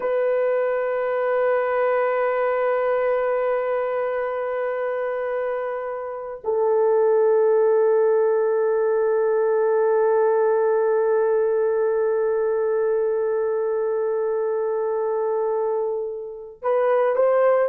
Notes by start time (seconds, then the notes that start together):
0.00 B4
6.44 A4
16.62 B4
17.15 C5